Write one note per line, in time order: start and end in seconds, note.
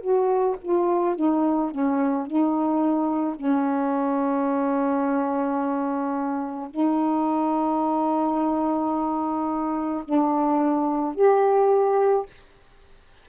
0.00 0.56 F#4
0.62 1.15 F4
1.15 1.71 D#4
1.71 2.26 C#4
2.26 3.35 D#4
3.35 6.69 C#4
6.70 10.04 D#4
10.04 11.15 D4
11.15 12.26 G4